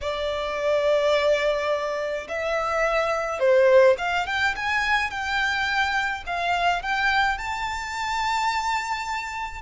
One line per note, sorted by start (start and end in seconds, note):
0.01 2.27 D5
2.28 3.39 E5
3.39 3.96 C5
3.98 4.26 F5
4.26 4.54 G5
4.55 5.10 G#5
5.10 6.23 G5
6.26 6.82 F5
6.82 7.38 G5
7.38 9.61 A5